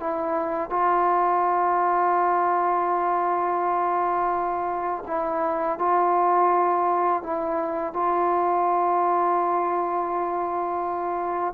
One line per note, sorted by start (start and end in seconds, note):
0.00 0.70 E4
0.70 5.04 F4
5.07 5.79 E4
5.79 7.23 F4
7.23 7.94 E4
7.94 11.54 F4